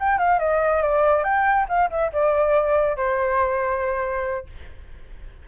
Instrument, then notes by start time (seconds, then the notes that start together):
flute
0.00 G5
0.19 F5
0.39 D#5
0.83 D5
1.24 G5
1.69 F5
1.91 E5
2.13 D5
2.97 C5